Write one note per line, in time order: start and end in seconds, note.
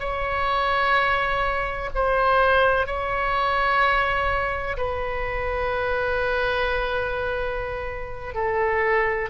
0.00 1.90 C#5
1.95 2.87 C5
2.87 4.77 C#5
4.77 8.35 B4
8.35 9.30 A4